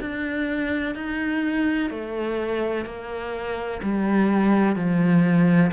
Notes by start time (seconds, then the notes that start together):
0.00 D4
0.95 D#4
1.90 A3
2.85 A#3
3.83 G3
4.76 F3